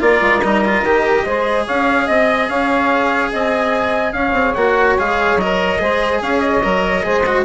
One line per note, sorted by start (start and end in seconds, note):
0.00 0.21 A#3
0.00 0.41 F4
0.00 1.25 A#4
0.00 0.42 D5
0.21 0.42 G#3
0.42 0.82 G3
0.42 0.64 D#4
0.42 1.66 D#5
0.64 0.85 F4
0.82 1.24 D#3
0.82 1.26 G4
1.25 1.66 G#3
1.25 4.57 G#4
1.25 1.65 C5
1.65 2.08 C#4
1.65 2.05 C#5
1.65 2.08 F5
2.05 2.50 C4
2.05 2.47 D#5
2.05 2.49 D#5
2.48 3.32 C#4
2.48 3.31 C#5
2.48 3.32 F5
3.32 4.13 C4
3.32 4.15 D#5
3.32 4.13 G#5
4.13 4.33 C#4
4.13 5.81 C#5
4.13 4.54 F5
4.33 4.54 C4
4.55 4.97 A#3
4.55 4.99 F#4
4.55 4.96 F#5
4.99 5.36 G#3
4.99 5.40 G#4
4.99 5.39 F5
5.36 5.77 F#3
5.36 5.79 A#4
5.36 6.22 D#5
5.79 6.22 G#3
5.79 6.62 G#4
5.79 6.21 C5
6.21 6.63 C#4
6.21 7.04 C#5
6.21 6.40 F5
6.40 7.44 D#5
6.63 7.05 F#3
6.63 7.03 A#4
7.03 7.45 G#3
7.03 7.24 G#4
7.03 7.45 C5
7.26 7.45 F#4